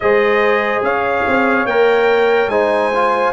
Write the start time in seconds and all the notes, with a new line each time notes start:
0.00 G#3 G#4 C5 D#5
0.81 C#4 C#5 F5
1.27 C4
1.65 A#3 A#4 G5
2.47 G#3 D#4 C5 G#5
2.94 F4